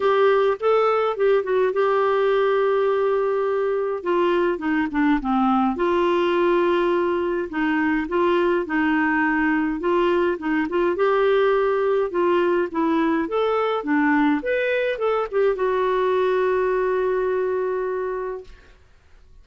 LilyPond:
\new Staff \with { instrumentName = "clarinet" } { \time 4/4 \tempo 4 = 104 g'4 a'4 g'8 fis'8 g'4~ | g'2. f'4 | dis'8 d'8 c'4 f'2~ | f'4 dis'4 f'4 dis'4~ |
dis'4 f'4 dis'8 f'8 g'4~ | g'4 f'4 e'4 a'4 | d'4 b'4 a'8 g'8 fis'4~ | fis'1 | }